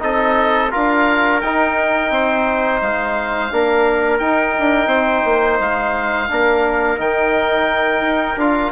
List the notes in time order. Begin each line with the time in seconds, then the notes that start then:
0.00 C4 D#4 A4 D#5
0.71 D4 F4 A#4 F5
1.41 D#4 G5
2.11 C4 C5
2.82 G#3 F5
3.51 A#3 D4 A#4
4.19 D#4 G5
4.59 D4
4.87 C4 C5
5.25 A#3
5.60 G#3 F5
6.29 A#3 D4 A#4
6.98 D#3 D#4 G5
8.01 D#4
8.37 D4 F4 F5